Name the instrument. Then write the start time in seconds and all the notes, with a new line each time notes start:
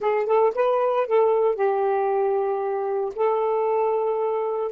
saxophone
0.00 G#4
0.26 A4
0.54 B4
1.07 A4
1.55 G4
3.15 A4